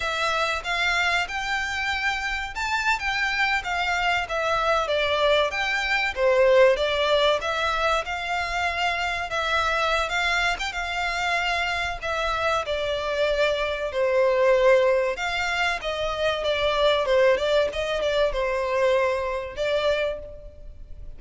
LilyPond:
\new Staff \with { instrumentName = "violin" } { \time 4/4 \tempo 4 = 95 e''4 f''4 g''2 | a''8. g''4 f''4 e''4 d''16~ | d''8. g''4 c''4 d''4 e''16~ | e''8. f''2 e''4~ e''16 |
f''8. g''16 f''2 e''4 | d''2 c''2 | f''4 dis''4 d''4 c''8 d''8 | dis''8 d''8 c''2 d''4 | }